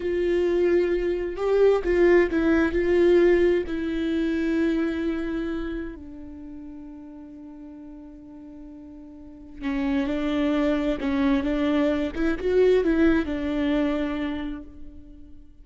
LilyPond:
\new Staff \with { instrumentName = "viola" } { \time 4/4 \tempo 4 = 131 f'2. g'4 | f'4 e'4 f'2 | e'1~ | e'4 d'2.~ |
d'1~ | d'4 cis'4 d'2 | cis'4 d'4. e'8 fis'4 | e'4 d'2. | }